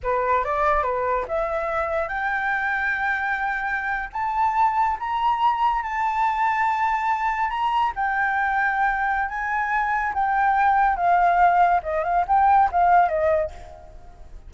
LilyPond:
\new Staff \with { instrumentName = "flute" } { \time 4/4 \tempo 4 = 142 b'4 d''4 b'4 e''4~ | e''4 g''2.~ | g''4.~ g''16 a''2 ais''16~ | ais''4.~ ais''16 a''2~ a''16~ |
a''4.~ a''16 ais''4 g''4~ g''16~ | g''2 gis''2 | g''2 f''2 | dis''8 f''8 g''4 f''4 dis''4 | }